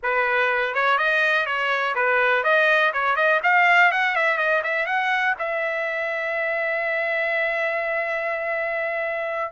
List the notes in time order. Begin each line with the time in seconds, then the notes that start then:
0.02 B4
0.74 C#5
0.98 D#5
1.46 C#5
1.95 B4
2.43 D#5
2.93 C#5
3.16 D#5
3.43 F5
3.91 F#5
4.15 E5
4.37 D#5
4.63 E5
4.86 F#5
5.39 E5